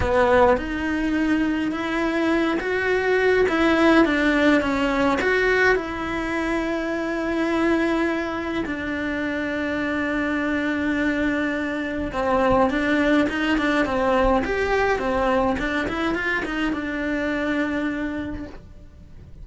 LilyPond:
\new Staff \with { instrumentName = "cello" } { \time 4/4 \tempo 4 = 104 b4 dis'2 e'4~ | e'8 fis'4. e'4 d'4 | cis'4 fis'4 e'2~ | e'2. d'4~ |
d'1~ | d'4 c'4 d'4 dis'8 d'8 | c'4 g'4 c'4 d'8 e'8 | f'8 dis'8 d'2. | }